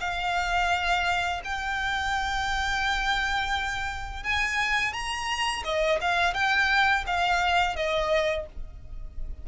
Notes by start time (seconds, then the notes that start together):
0.00 F5
1.44 G5
4.24 G#5
4.93 A#5
5.64 D#5
6.01 F5
6.34 G5
7.07 F5
7.76 D#5